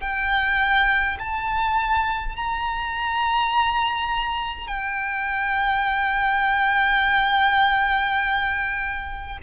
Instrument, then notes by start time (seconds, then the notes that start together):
violin
0.00 G5
1.19 A5
2.36 A#5
4.67 G5